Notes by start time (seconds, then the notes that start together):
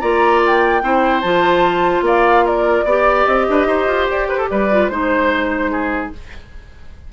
0.00 A#3 F4 D5 A#5
0.46 G5
0.82 C4 E4 C5
1.21 F3 F4 A5
2.01 A#3 D5 F5
2.45 A#4 D5
2.84 B3 G4 D5
3.25 C4 D#5
3.48 D4 B4
3.66 D#4 C5
3.87 F4
4.07 G4 D5
4.27 B4 C5
4.38 A4
4.49 G3 B4 D5
4.71 F4
4.88 G#3 D#4 C5
5.71 G#4